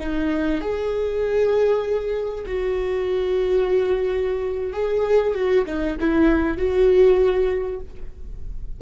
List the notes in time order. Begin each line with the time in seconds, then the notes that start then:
0.00 D#4
0.61 G#4
2.46 F#4
4.73 G#4
5.35 F#4
5.66 D#4
6.00 E4
6.58 F#4